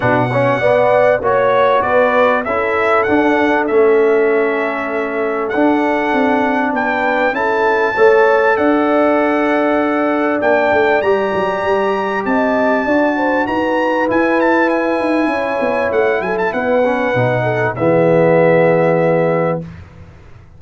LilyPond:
<<
  \new Staff \with { instrumentName = "trumpet" } { \time 4/4 \tempo 4 = 98 fis''2 cis''4 d''4 | e''4 fis''4 e''2~ | e''4 fis''2 g''4 | a''2 fis''2~ |
fis''4 g''4 ais''2 | a''2 ais''4 gis''8 a''8 | gis''2 fis''8 gis''16 a''16 fis''4~ | fis''4 e''2. | }
  \new Staff \with { instrumentName = "horn" } { \time 4/4 b'8 cis''8 d''4 cis''4 b'4 | a'1~ | a'2. b'4 | a'4 cis''4 d''2~ |
d''1 | dis''4 d''8 c''8 b'2~ | b'4 cis''4. a'8 b'4~ | b'8 a'8 gis'2. | }
  \new Staff \with { instrumentName = "trombone" } { \time 4/4 d'8 cis'8 b4 fis'2 | e'4 d'4 cis'2~ | cis'4 d'2. | e'4 a'2.~ |
a'4 d'4 g'2~ | g'4 fis'2 e'4~ | e'2.~ e'8 cis'8 | dis'4 b2. | }
  \new Staff \with { instrumentName = "tuba" } { \time 4/4 b,4 b4 ais4 b4 | cis'4 d'4 a2~ | a4 d'4 c'4 b4 | cis'4 a4 d'2~ |
d'4 ais8 a8 g8 fis8 g4 | c'4 d'4 dis'4 e'4~ | e'8 dis'8 cis'8 b8 a8 fis8 b4 | b,4 e2. | }
>>